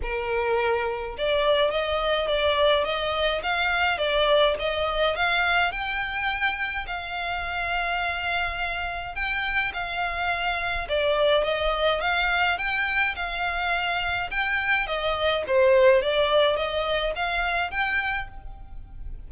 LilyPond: \new Staff \with { instrumentName = "violin" } { \time 4/4 \tempo 4 = 105 ais'2 d''4 dis''4 | d''4 dis''4 f''4 d''4 | dis''4 f''4 g''2 | f''1 |
g''4 f''2 d''4 | dis''4 f''4 g''4 f''4~ | f''4 g''4 dis''4 c''4 | d''4 dis''4 f''4 g''4 | }